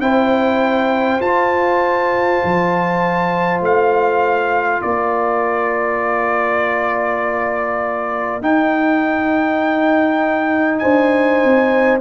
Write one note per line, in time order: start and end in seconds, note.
0.00 1.20 C4
0.00 1.21 E4
0.00 4.82 C5
0.00 1.21 G5
1.21 2.41 F4
1.21 8.42 F4
1.21 3.61 A5
2.44 3.61 F3
3.61 4.81 A3
3.61 4.82 F5
4.82 8.41 A#3
4.82 10.81 A#4
4.82 8.42 D5
8.41 10.81 D#4
8.41 12.01 D#4
8.41 10.79 G5
10.79 11.44 D4
10.79 12.01 C5
10.79 11.99 G#5
11.44 12.01 C4